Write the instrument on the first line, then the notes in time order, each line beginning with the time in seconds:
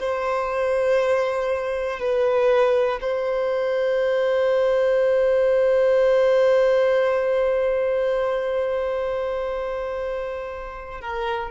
violin
0.00 C5
2.00 B4
3.02 C5
11.01 A#4